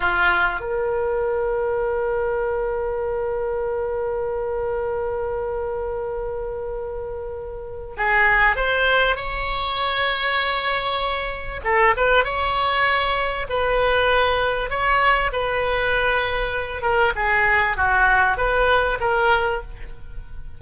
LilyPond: \new Staff \with { instrumentName = "oboe" } { \time 4/4 \tempo 4 = 98 f'4 ais'2.~ | ais'1~ | ais'1~ | ais'4 gis'4 c''4 cis''4~ |
cis''2. a'8 b'8 | cis''2 b'2 | cis''4 b'2~ b'8 ais'8 | gis'4 fis'4 b'4 ais'4 | }